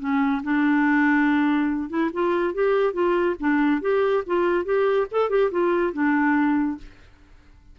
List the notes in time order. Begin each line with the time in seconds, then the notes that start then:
0.00 C#4
0.44 D4
1.90 E4
2.14 F4
2.55 G4
2.94 F4
3.40 D4
3.82 G4
4.27 F4
4.65 G4
5.12 A4
5.30 G4
5.52 F4
5.94 D4